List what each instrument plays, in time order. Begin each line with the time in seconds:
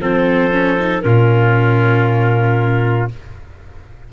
0.00 tuba F3, viola C4, trumpet A4, clarinet C5
0.53 viola C#4
0.79 viola D#4
1.02 tuba A#2, viola C#4, trumpet F4, clarinet A#4